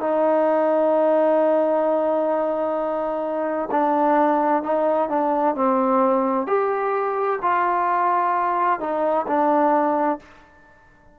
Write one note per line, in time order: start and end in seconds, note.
0.00 3.69 D#4
3.71 4.63 D4
4.63 5.09 D#4
5.09 5.55 D4
5.55 6.47 C4
6.47 7.39 G4
7.42 8.80 F4
8.80 9.26 D#4
9.27 10.20 D4